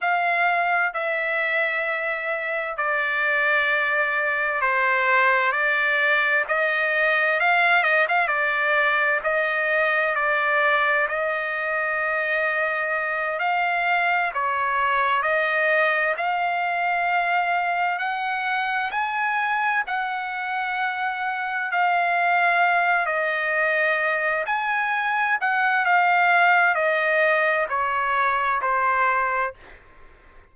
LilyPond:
\new Staff \with { instrumentName = "trumpet" } { \time 4/4 \tempo 4 = 65 f''4 e''2 d''4~ | d''4 c''4 d''4 dis''4 | f''8 dis''16 f''16 d''4 dis''4 d''4 | dis''2~ dis''8 f''4 cis''8~ |
cis''8 dis''4 f''2 fis''8~ | fis''8 gis''4 fis''2 f''8~ | f''4 dis''4. gis''4 fis''8 | f''4 dis''4 cis''4 c''4 | }